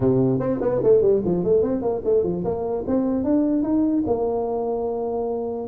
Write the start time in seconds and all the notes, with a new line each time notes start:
0.00 C3
0.39 C4
0.61 B3
0.83 A3
1.01 G3
1.24 F3
1.44 A3
1.62 C4
1.82 A#3
2.04 A3
2.23 F3
2.44 A#3
2.87 C4
3.23 D4
3.62 D#4
4.06 A#3